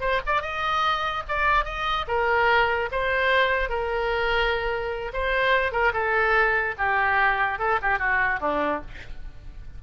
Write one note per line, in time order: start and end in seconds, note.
0.00 0.20 C5
0.26 0.41 D5
0.41 1.23 D#5
1.28 1.64 D5
1.64 2.05 D#5
2.07 2.89 A#4
2.91 3.69 C5
3.69 5.12 A#4
5.13 5.72 C5
5.72 5.92 A#4
5.93 6.74 A4
6.78 7.58 G4
7.58 7.79 A4
7.81 7.98 G4
7.98 8.39 F#4
8.40 8.81 D4